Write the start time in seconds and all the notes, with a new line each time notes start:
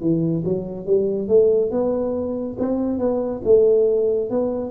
0.00 E3
0.44 F#3
0.86 G3
1.28 A3
1.71 B3
2.59 C4
2.98 B3
3.44 A3
4.30 B3